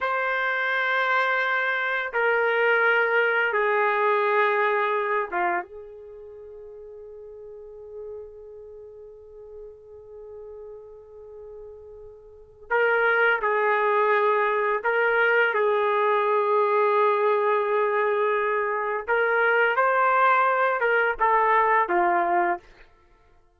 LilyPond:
\new Staff \with { instrumentName = "trumpet" } { \time 4/4 \tempo 4 = 85 c''2. ais'4~ | ais'4 gis'2~ gis'8 f'8 | gis'1~ | gis'1~ |
gis'2 ais'4 gis'4~ | gis'4 ais'4 gis'2~ | gis'2. ais'4 | c''4. ais'8 a'4 f'4 | }